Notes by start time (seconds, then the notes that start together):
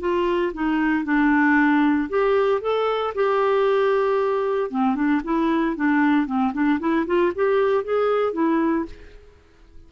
0.00 F4
0.54 D#4
1.04 D4
2.09 G4
2.61 A4
3.15 G4
4.70 C4
4.95 D4
5.24 E4
5.76 D4
6.26 C4
6.53 D4
6.79 E4
7.06 F4
7.35 G4
7.84 G#4
8.33 E4